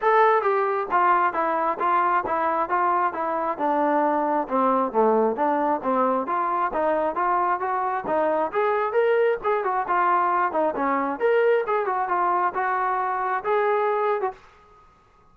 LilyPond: \new Staff \with { instrumentName = "trombone" } { \time 4/4 \tempo 4 = 134 a'4 g'4 f'4 e'4 | f'4 e'4 f'4 e'4 | d'2 c'4 a4 | d'4 c'4 f'4 dis'4 |
f'4 fis'4 dis'4 gis'4 | ais'4 gis'8 fis'8 f'4. dis'8 | cis'4 ais'4 gis'8 fis'8 f'4 | fis'2 gis'4.~ gis'16 fis'16 | }